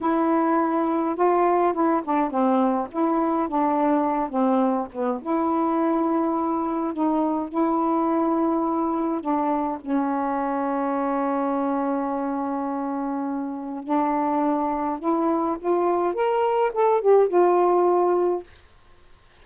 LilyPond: \new Staff \with { instrumentName = "saxophone" } { \time 4/4 \tempo 4 = 104 e'2 f'4 e'8 d'8 | c'4 e'4 d'4. c'8~ | c'8 b8 e'2. | dis'4 e'2. |
d'4 cis'2.~ | cis'1 | d'2 e'4 f'4 | ais'4 a'8 g'8 f'2 | }